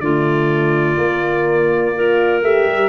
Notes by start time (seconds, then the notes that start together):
0.00 D3 A3 F4 D5
0.97 A#3
1.95 F4 A#4
2.42 A3 G4 E5
2.66 G3